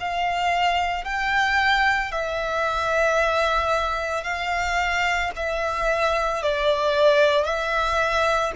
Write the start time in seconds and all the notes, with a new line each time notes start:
0.00 F5
1.05 G5
2.12 E5
4.24 F5
5.36 E5
6.42 D5
7.45 E5